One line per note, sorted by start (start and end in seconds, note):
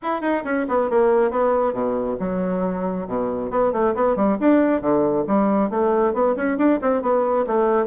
0.02 0.21 E4
0.21 0.43 D#4
0.44 0.66 C#4
0.68 0.90 B3
0.90 1.31 A#3
1.31 1.73 B3
1.73 2.17 B2
2.19 3.07 F#3
3.07 3.50 B2
3.50 3.72 B3
3.72 3.94 A3
3.95 4.15 B3
4.15 4.37 G3
4.40 4.81 D4
4.81 5.25 D3
5.27 5.70 G3
5.70 6.13 A3
6.13 6.35 B3
6.36 6.57 C#4
6.57 6.79 D4
6.81 7.02 C4
7.02 7.45 B3
7.47 7.86 A3